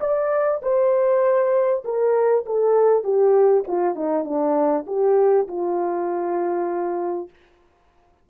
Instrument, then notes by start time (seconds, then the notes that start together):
horn
0.00 D5
0.62 C5
1.84 A#4
2.45 A4
3.03 G4
3.67 F4
3.95 D#4
4.24 D4
4.86 G4
5.47 F4